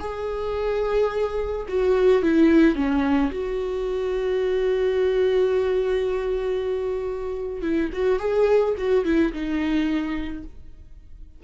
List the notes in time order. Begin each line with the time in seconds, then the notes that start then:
0.00 G#4
1.69 F#4
2.23 E4
2.76 C#4
3.32 F#4
7.62 E4
7.93 F#4
8.20 G#4
8.78 F#4
9.05 E4
9.33 D#4